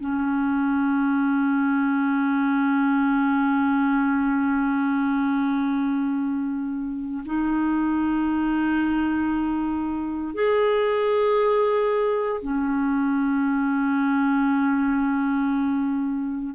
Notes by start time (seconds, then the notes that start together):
0.00 C#4
7.26 D#4
10.34 G#4
12.42 C#4